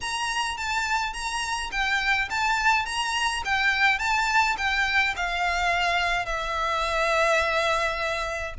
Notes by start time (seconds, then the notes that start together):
0.00 A#5
0.57 A5
1.13 A#5
1.71 G5
2.30 A5
2.85 A#5
3.44 G5
3.98 A5
4.57 G5
5.16 F5
6.25 E5